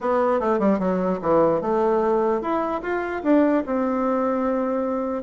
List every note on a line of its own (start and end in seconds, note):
0.00 0.40 B3
0.40 0.59 A3
0.59 0.79 G3
0.79 1.19 F#3
1.21 1.61 E3
1.61 2.41 A3
2.41 2.81 E4
2.82 3.22 F4
3.23 3.63 D4
3.66 5.23 C4